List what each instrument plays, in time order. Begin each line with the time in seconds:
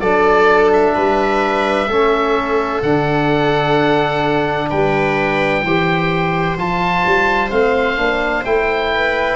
0.00 tuba F#3, trombone D4, viola A4, oboe D5
0.72 oboe E5
0.94 tuba G3, viola B4
1.87 tuba A3, trombone C#4, viola A4
2.82 tuba D3, trombone D4, oboe F#5
4.69 tuba G3, viola B4, oboe G5
5.62 tuba E3, trombone G4, viola C5
6.57 tuba F3, trombone F4, oboe A5
7.05 tuba G3
7.50 tuba A3, trombone C4, oboe F5
7.96 tuba A#3, trombone D4
8.44 tuba A3, trombone E4, oboe G5
8.94 viola B4